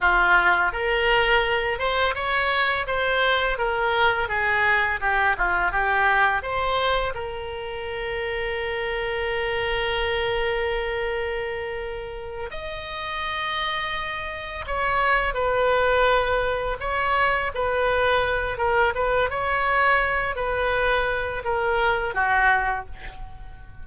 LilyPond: \new Staff \with { instrumentName = "oboe" } { \time 4/4 \tempo 4 = 84 f'4 ais'4. c''8 cis''4 | c''4 ais'4 gis'4 g'8 f'8 | g'4 c''4 ais'2~ | ais'1~ |
ais'4. dis''2~ dis''8~ | dis''8 cis''4 b'2 cis''8~ | cis''8 b'4. ais'8 b'8 cis''4~ | cis''8 b'4. ais'4 fis'4 | }